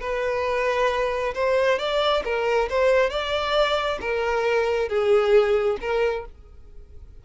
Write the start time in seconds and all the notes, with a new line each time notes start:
0.00 B4
1.34 C5
1.79 D5
2.24 A#4
2.69 C5
3.09 D5
4.00 A#4
4.88 G#4
5.80 A#4